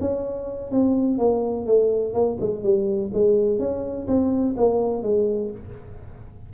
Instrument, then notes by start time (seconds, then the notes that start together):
tuba
0.00 C#4
0.71 C4
1.18 A#3
1.66 A3
2.13 A#3
2.40 G#3
2.63 G3
3.13 G#3
3.59 C#4
4.07 C4
4.57 A#3
5.02 G#3